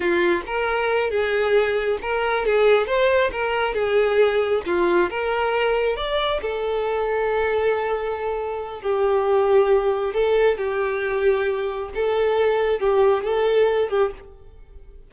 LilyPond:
\new Staff \with { instrumentName = "violin" } { \time 4/4 \tempo 4 = 136 f'4 ais'4. gis'4.~ | gis'8 ais'4 gis'4 c''4 ais'8~ | ais'8 gis'2 f'4 ais'8~ | ais'4. d''4 a'4.~ |
a'1 | g'2. a'4 | g'2. a'4~ | a'4 g'4 a'4. g'8 | }